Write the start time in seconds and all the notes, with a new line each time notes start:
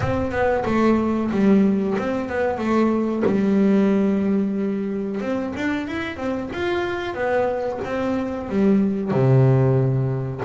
0.00 C4
0.31 B3
0.65 A3
1.31 G3
1.98 C4
2.29 B3
2.58 A3
3.25 G3
5.20 C4
5.56 D4
5.87 E4
6.17 C4
6.52 F4
7.14 B3
7.84 C4
8.49 G3
9.11 C3